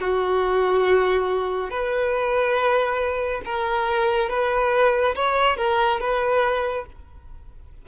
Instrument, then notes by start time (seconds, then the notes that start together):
violin
0.00 F#4
1.70 B4
3.45 A#4
4.29 B4
5.15 C#5
5.57 A#4
6.00 B4